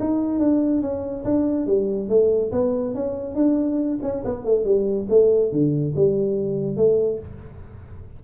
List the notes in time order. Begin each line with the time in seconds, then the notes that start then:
0.00 D#4
0.39 D4
0.82 C#4
1.25 D4
1.67 G3
2.09 A3
2.52 B3
2.95 C#4
3.35 D4
4.03 C#4
4.25 B3
4.45 A3
4.65 G3
5.10 A3
5.52 D3
5.96 G3
6.77 A3